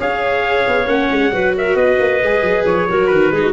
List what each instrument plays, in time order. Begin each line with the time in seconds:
0.00 tuba C#4, viola G#4, clarinet C#5, trumpet F5
0.67 tuba B3
0.86 tuba A#3, viola C#4, trumpet F#5
1.10 tuba G#3
1.31 tuba F#3, viola F#4, clarinet B4
1.57 clarinet A#4, trumpet E5
1.75 tuba B3, clarinet B4, trumpet D#5
1.99 tuba A#3
2.22 tuba G#3, viola G#4
2.42 tuba F#3
2.65 tuba F3, trumpet C#5
2.89 tuba F#3, viola F#4, clarinet A#4
3.07 tuba D#3, trumpet B4
3.32 tuba G#3, viola D#4, clarinet G#4
3.42 clarinet F#4